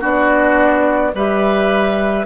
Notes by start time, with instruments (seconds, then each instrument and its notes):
0.00 bassoon B3, clarinet D4, oboe F#4, flute D5
1.14 bassoon G3, clarinet G4, oboe B4, flute E5